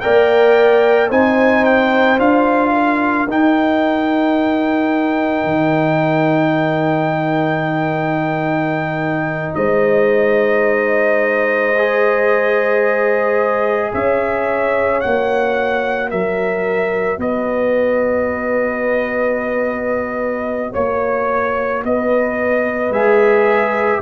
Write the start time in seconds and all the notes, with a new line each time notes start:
0.00 A#3 A#4 D5 G5
1.09 C4 D#4 C5 G#5
1.64 G5
2.18 D4 F4 F5
2.72 A#4
3.27 D#4 G5
5.43 D#3
9.55 G#3 C5 D#5
11.78 G#4
13.93 C#4 C#5 E5
15.00 A#3 F#4 F#5
16.10 F#3 A#4 E5
17.17 B3 B4 D#5
20.71 A#3 C#5
21.84 B3 B4 D#5
22.90 G#3 G#4 E5